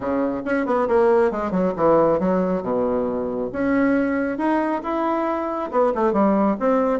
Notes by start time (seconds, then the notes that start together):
0.00 C#3
0.45 C#4
0.65 B3
0.88 A#3
1.31 G#3
1.51 F#3
1.76 E3
2.19 F#3
2.62 B2
3.52 C#4
4.38 D#4
4.83 E4
5.71 B3
5.94 A3
6.12 G3
6.59 C4